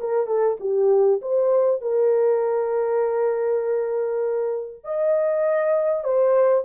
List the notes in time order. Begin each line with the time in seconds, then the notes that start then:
0.00 A#4
0.27 A4
0.60 G4
1.21 C5
1.81 A#4
4.84 D#5
6.04 C5